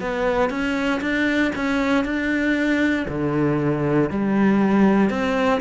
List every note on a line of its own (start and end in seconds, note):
0.00 0.49 B3
0.49 1.00 C#4
1.01 1.52 D4
1.55 2.04 C#4
2.04 3.06 D4
3.08 4.10 D3
4.10 5.09 G3
5.09 5.60 C4